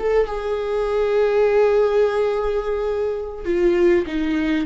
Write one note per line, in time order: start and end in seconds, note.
0.00 0.27 A4
0.27 3.45 G#4
3.45 4.06 F4
4.07 4.66 D#4